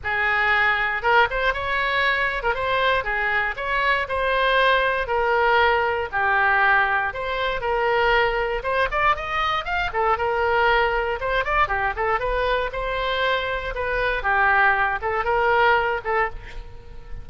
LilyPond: \new Staff \with { instrumentName = "oboe" } { \time 4/4 \tempo 4 = 118 gis'2 ais'8 c''8 cis''4~ | cis''8. ais'16 c''4 gis'4 cis''4 | c''2 ais'2 | g'2 c''4 ais'4~ |
ais'4 c''8 d''8 dis''4 f''8 a'8 | ais'2 c''8 d''8 g'8 a'8 | b'4 c''2 b'4 | g'4. a'8 ais'4. a'8 | }